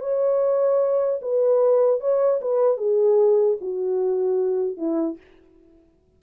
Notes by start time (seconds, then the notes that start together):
0.00 C#5
1.22 B4
2.01 C#5
2.41 B4
2.77 G#4
3.61 F#4
4.77 E4